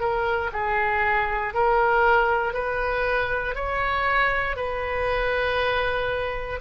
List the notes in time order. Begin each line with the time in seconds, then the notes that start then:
0.00 A#4
0.53 G#4
1.54 A#4
2.54 B4
3.55 C#5
4.57 B4